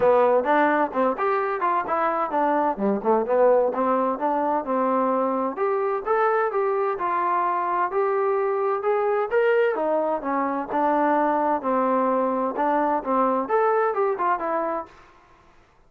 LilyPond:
\new Staff \with { instrumentName = "trombone" } { \time 4/4 \tempo 4 = 129 b4 d'4 c'8 g'4 f'8 | e'4 d'4 g8 a8 b4 | c'4 d'4 c'2 | g'4 a'4 g'4 f'4~ |
f'4 g'2 gis'4 | ais'4 dis'4 cis'4 d'4~ | d'4 c'2 d'4 | c'4 a'4 g'8 f'8 e'4 | }